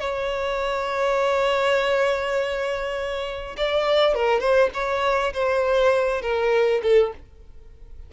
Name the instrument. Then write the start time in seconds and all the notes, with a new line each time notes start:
violin
0.00 C#5
3.57 D5
4.15 A#4
4.40 C5
4.74 C#5
5.34 C5
6.22 A#4
6.83 A4